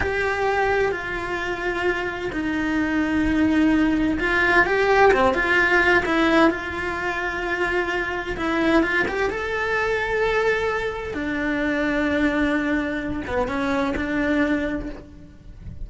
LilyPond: \new Staff \with { instrumentName = "cello" } { \time 4/4 \tempo 4 = 129 g'2 f'2~ | f'4 dis'2.~ | dis'4 f'4 g'4 c'8 f'8~ | f'4 e'4 f'2~ |
f'2 e'4 f'8 g'8 | a'1 | d'1~ | d'8 b8 cis'4 d'2 | }